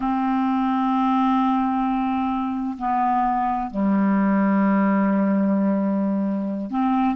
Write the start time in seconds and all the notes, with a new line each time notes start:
0.00 C4
2.78 B3
3.70 G3
6.70 C4